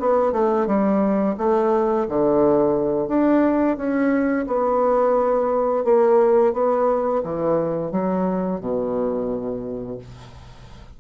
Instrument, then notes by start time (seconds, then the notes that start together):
bassoon
0.00 B3
0.32 A3
0.67 G3
1.38 A3
2.09 D3
3.08 D4
3.77 C#4
4.47 B3
5.84 A#3
6.53 B3
7.24 E3
7.92 F#3
8.61 B2